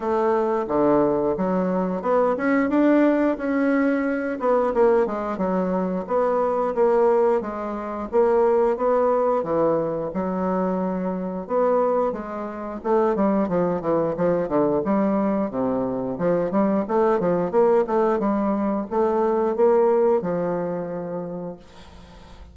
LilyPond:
\new Staff \with { instrumentName = "bassoon" } { \time 4/4 \tempo 4 = 89 a4 d4 fis4 b8 cis'8 | d'4 cis'4. b8 ais8 gis8 | fis4 b4 ais4 gis4 | ais4 b4 e4 fis4~ |
fis4 b4 gis4 a8 g8 | f8 e8 f8 d8 g4 c4 | f8 g8 a8 f8 ais8 a8 g4 | a4 ais4 f2 | }